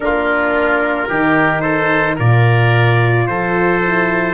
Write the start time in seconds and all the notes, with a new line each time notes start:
0.00 A#3 D4 F4 A#4
1.08 D#3 D#4 G4
1.60 A4 C5
2.15 A#2 F4 A#4 D5
3.27 F3 A4 C5
3.82 E4